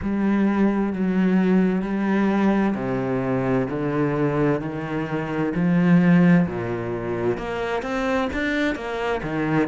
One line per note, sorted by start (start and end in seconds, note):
0.02 0.92 G3
0.92 1.82 F#3
1.82 2.74 G3
2.75 3.67 C3
3.69 4.61 D3
4.61 5.53 D#3
5.54 6.47 F3
6.47 7.37 A#2
7.37 7.82 A#3
7.82 8.28 C4
8.33 8.75 D4
8.75 9.21 A#3
9.22 9.68 D#3